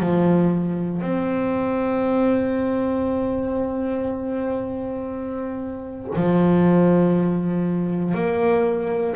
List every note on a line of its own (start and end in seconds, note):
0.00 1.02 F3
1.02 6.10 C4
6.16 8.14 F3
8.14 9.16 A#3